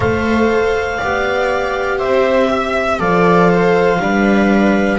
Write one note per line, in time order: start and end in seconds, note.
0.00 0.99 A3
0.00 0.99 A4
0.00 0.97 C5
0.00 1.99 F5
0.97 2.02 B3
0.97 2.98 G4
0.97 1.97 D5
1.98 2.99 C4
1.98 2.48 C5
1.98 2.99 E5
2.50 2.99 E5
2.98 3.99 F3
2.98 3.98 A4
2.98 3.49 D5
2.98 4.99 F5
3.50 4.00 C5
3.99 4.99 G3
3.99 4.99 D4
3.99 4.99 B4